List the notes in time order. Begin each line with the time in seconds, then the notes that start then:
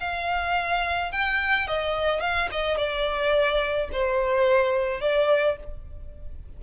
0.00 F5
1.11 G5
1.67 D#5
2.20 F5
2.51 D#5
2.77 D5
3.92 C5
5.00 D5